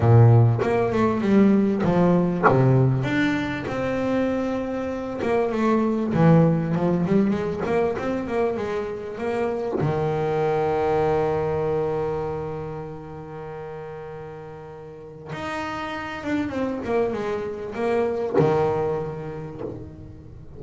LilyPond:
\new Staff \with { instrumentName = "double bass" } { \time 4/4 \tempo 4 = 98 ais,4 ais8 a8 g4 f4 | c4 d'4 c'2~ | c'8 ais8 a4 e4 f8 g8 | gis8 ais8 c'8 ais8 gis4 ais4 |
dis1~ | dis1~ | dis4 dis'4. d'8 c'8 ais8 | gis4 ais4 dis2 | }